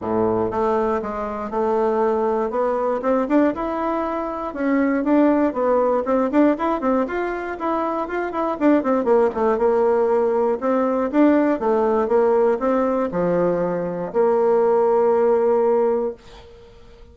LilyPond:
\new Staff \with { instrumentName = "bassoon" } { \time 4/4 \tempo 4 = 119 a,4 a4 gis4 a4~ | a4 b4 c'8 d'8 e'4~ | e'4 cis'4 d'4 b4 | c'8 d'8 e'8 c'8 f'4 e'4 |
f'8 e'8 d'8 c'8 ais8 a8 ais4~ | ais4 c'4 d'4 a4 | ais4 c'4 f2 | ais1 | }